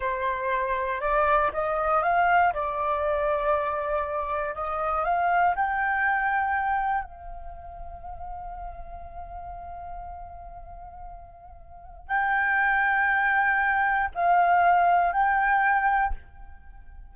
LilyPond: \new Staff \with { instrumentName = "flute" } { \time 4/4 \tempo 4 = 119 c''2 d''4 dis''4 | f''4 d''2.~ | d''4 dis''4 f''4 g''4~ | g''2 f''2~ |
f''1~ | f''1 | g''1 | f''2 g''2 | }